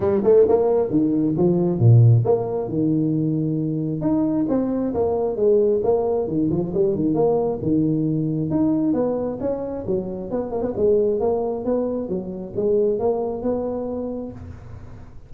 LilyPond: \new Staff \with { instrumentName = "tuba" } { \time 4/4 \tempo 4 = 134 g8 a8 ais4 dis4 f4 | ais,4 ais4 dis2~ | dis4 dis'4 c'4 ais4 | gis4 ais4 dis8 f8 g8 dis8 |
ais4 dis2 dis'4 | b4 cis'4 fis4 b8 ais16 b16 | gis4 ais4 b4 fis4 | gis4 ais4 b2 | }